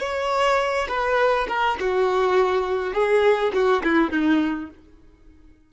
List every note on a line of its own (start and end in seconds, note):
0.00 0.88 C#5
0.89 1.48 B4
1.48 1.78 A#4
1.80 2.94 F#4
2.94 3.53 G#4
3.54 3.83 F#4
3.84 4.11 E4
4.11 4.70 D#4